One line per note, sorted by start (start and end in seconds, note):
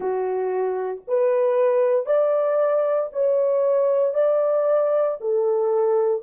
0.00 1.01 F#4
1.07 2.05 B4
2.05 3.09 D5
3.12 4.14 C#5
4.14 5.17 D5
5.20 6.22 A4